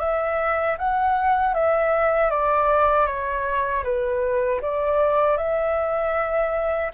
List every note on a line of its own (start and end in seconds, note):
0.00 0.77 E5
0.78 1.55 F#5
1.55 2.31 E5
2.31 3.07 D5
3.07 3.84 C#5
3.84 4.61 B4
4.62 5.38 D5
5.38 6.92 E5